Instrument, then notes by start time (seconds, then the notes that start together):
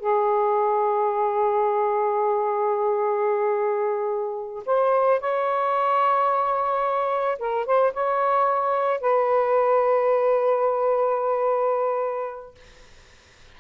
saxophone
0.00 G#4
4.66 C5
5.20 C#5
7.39 A#4
7.66 C5
7.93 C#5
9.01 B4